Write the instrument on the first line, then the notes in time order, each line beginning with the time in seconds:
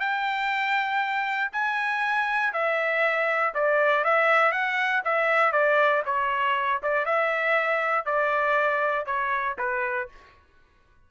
trumpet
0.00 G5
1.52 G#5
2.53 E5
3.54 D5
4.04 E5
4.52 F#5
5.05 E5
5.52 D5
6.05 C#5
6.83 D5
7.06 E5
8.05 D5
9.06 C#5
9.58 B4